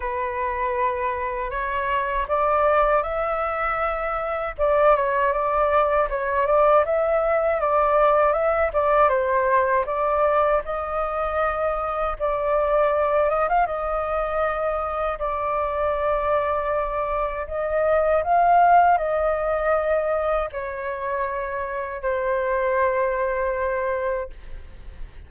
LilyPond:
\new Staff \with { instrumentName = "flute" } { \time 4/4 \tempo 4 = 79 b'2 cis''4 d''4 | e''2 d''8 cis''8 d''4 | cis''8 d''8 e''4 d''4 e''8 d''8 | c''4 d''4 dis''2 |
d''4. dis''16 f''16 dis''2 | d''2. dis''4 | f''4 dis''2 cis''4~ | cis''4 c''2. | }